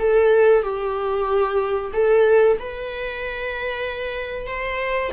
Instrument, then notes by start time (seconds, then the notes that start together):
viola
0.00 A4
0.63 G4
1.94 A4
2.60 B4
4.48 C5